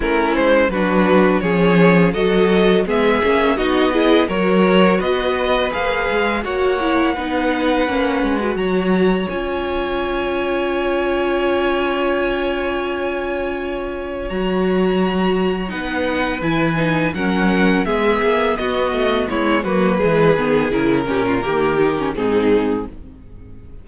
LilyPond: <<
  \new Staff \with { instrumentName = "violin" } { \time 4/4 \tempo 4 = 84 ais'8 c''8 b'4 cis''4 dis''4 | e''4 dis''4 cis''4 dis''4 | f''4 fis''2. | ais''4 gis''2.~ |
gis''1 | ais''2 fis''4 gis''4 | fis''4 e''4 dis''4 cis''8 b'8~ | b'4 ais'2 gis'4 | }
  \new Staff \with { instrumentName = "violin" } { \time 4/4 e'4 fis'4 gis'4 a'4 | gis'4 fis'8 gis'8 ais'4 b'4~ | b'4 cis''4 b'2 | cis''1~ |
cis''1~ | cis''2 b'2 | ais'4 gis'4 fis'4 e'8 fis'8 | gis'4. g'16 f'16 g'4 dis'4 | }
  \new Staff \with { instrumentName = "viola" } { \time 4/4 cis'4 d'4 cis'4 fis'4 | b8 cis'8 dis'8 e'8 fis'2 | gis'4 fis'8 e'8 dis'4 cis'8. fis'16~ | fis'4 f'2.~ |
f'1 | fis'2 dis'4 e'8 dis'8 | cis'4 b2~ b8 ais8 | gis8 b8 e'8 cis'8 ais8 dis'16 cis'16 c'4 | }
  \new Staff \with { instrumentName = "cello" } { \time 4/4 a8 gis8 fis4 f4 fis4 | gis8 ais8 b4 fis4 b4 | ais8 gis8 ais4 b4 ais8 gis8 | fis4 cis'2.~ |
cis'1 | fis2 b4 e4 | fis4 gis8 ais8 b8 a8 gis8 fis8 | e8 dis8 cis8 ais,8 dis4 gis,4 | }
>>